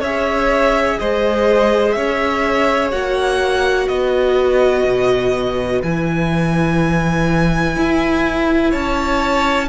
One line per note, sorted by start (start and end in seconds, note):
0.00 0.97 C#4
0.00 2.92 G#4
0.00 0.97 C#5
0.00 0.99 E5
0.99 1.96 G#3
0.99 1.96 C5
0.99 1.91 D#5
1.91 2.93 C#4
1.91 3.87 C#5
1.91 2.88 E5
2.92 3.88 A#3
2.92 5.82 F#4
2.92 3.88 F#5
3.87 4.84 B3
3.87 8.71 B4
3.87 5.81 D#5
4.84 5.81 B2
5.83 7.76 E3
5.83 9.68 E4
5.83 8.72 G#5
7.76 8.73 E4
8.71 9.68 C#4
8.71 9.67 C#5
8.71 9.68 A5